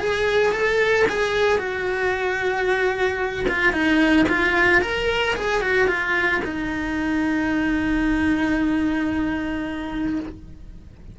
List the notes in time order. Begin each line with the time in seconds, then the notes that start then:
0.00 G#4
0.53 A4
1.09 G#4
1.58 F#4
3.49 F4
3.73 D#4
4.29 F4
4.82 A#4
5.36 G#4
5.62 F#4
5.88 F4
6.45 D#4